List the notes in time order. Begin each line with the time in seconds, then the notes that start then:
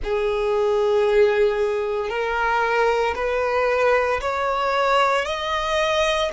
0.03 G#4
2.09 A#4
3.15 B4
4.21 C#5
5.25 D#5